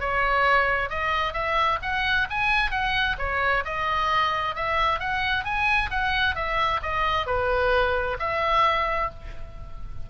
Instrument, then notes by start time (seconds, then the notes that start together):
oboe
0.00 C#5
0.90 D#5
1.33 E5
1.82 F#5
2.30 G#5
2.71 F#5
3.19 C#5
3.65 D#5
4.55 E5
5.00 F#5
5.45 G#5
5.91 F#5
6.35 E5
6.82 D#5
7.27 B4
8.19 E5